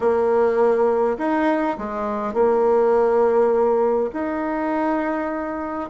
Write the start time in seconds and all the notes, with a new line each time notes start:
0.00 A#3
1.18 D#4
1.78 G#3
2.33 A#3
4.13 D#4